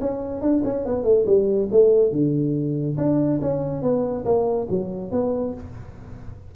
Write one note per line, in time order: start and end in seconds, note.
0.00 0.41 C#4
0.41 0.62 D4
0.64 0.85 C#4
0.85 1.03 B3
1.03 1.25 A3
1.26 1.69 G3
1.71 2.11 A3
2.11 2.97 D3
2.97 3.40 D4
3.41 3.82 C#4
3.82 4.24 B3
4.25 4.67 A#3
4.69 5.11 F#3
5.11 5.54 B3